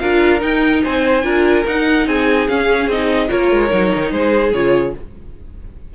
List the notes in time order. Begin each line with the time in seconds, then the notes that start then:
0.00 D4 F4 A#4 F5
0.41 D#4 G5
0.84 C4 C5 G#5
1.24 D4 F4 A#4
1.67 D#4 F#5
2.07 C4 G#4 G#5
2.49 C#4 F5
2.88 C4 D#4 D#5
3.29 A#3 F4 A#4 C#5
3.52 G#3
3.70 F#3 D#4
3.95 D#3
4.12 G#3 G#4 C5
4.53 C#3 F4 C#5